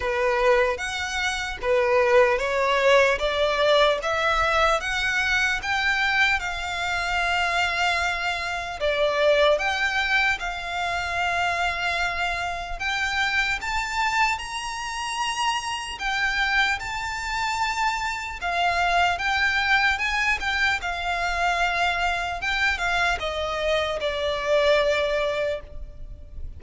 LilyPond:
\new Staff \with { instrumentName = "violin" } { \time 4/4 \tempo 4 = 75 b'4 fis''4 b'4 cis''4 | d''4 e''4 fis''4 g''4 | f''2. d''4 | g''4 f''2. |
g''4 a''4 ais''2 | g''4 a''2 f''4 | g''4 gis''8 g''8 f''2 | g''8 f''8 dis''4 d''2 | }